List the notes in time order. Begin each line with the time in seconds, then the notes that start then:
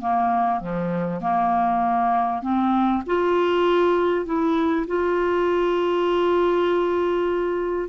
0.00 A#3
0.60 F3
1.21 A#3
2.42 C4
3.06 F4
4.25 E4
4.87 F4